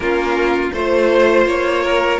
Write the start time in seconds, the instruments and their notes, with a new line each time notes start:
0.00 cello A#3, viola C#4, violin F4 A#4
0.73 cello A3, viola F4, violin C5
1.45 cello A#3, violin C#5
1.82 violin A#4